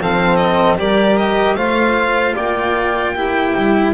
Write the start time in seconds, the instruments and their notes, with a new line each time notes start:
0.00 double bass F3, cello C4, saxophone A4, violin F5
0.37 violin D#5
0.77 double bass G3, cello G4, saxophone A#4, violin D5
1.18 violin D#5
1.56 double bass A3, cello F4, saxophone C5, violin F5
2.34 double bass A#3, saxophone D5, violin G5
3.14 cello E4, saxophone G4
3.56 double bass G3